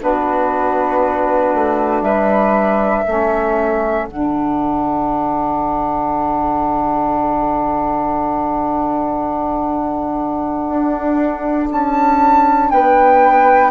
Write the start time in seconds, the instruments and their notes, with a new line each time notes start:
0.00 bassoon B3, saxophone D4, flute F#4 B4
1.54 bassoon A3
2.02 bassoon G3, flute B4 E5
3.05 bassoon A3, saxophone C#4, flute A4
4.06 bassoon D3, saxophone D4, flute F#5
10.68 bassoon D4
11.72 bassoon C#4, flute A5
12.70 bassoon B3, flute B4 G5